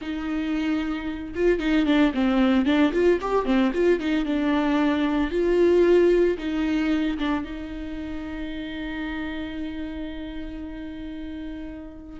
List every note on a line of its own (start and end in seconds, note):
0.01 1.33 D#4
1.35 1.59 F4
1.59 1.86 D#4
1.86 2.12 D4
2.14 2.65 C4
2.65 2.92 D4
2.92 3.19 F4
3.21 3.45 G4
3.45 3.71 C4
3.73 3.99 F4
3.99 4.25 D#4
4.25 5.30 D4
5.30 6.37 F4
6.38 7.17 D#4
7.18 7.44 D4
7.44 12.19 D#4